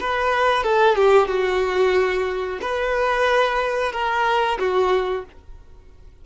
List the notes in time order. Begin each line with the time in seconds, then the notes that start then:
0.00 B4
0.63 A4
0.95 G4
1.27 F#4
2.61 B4
3.92 A#4
4.59 F#4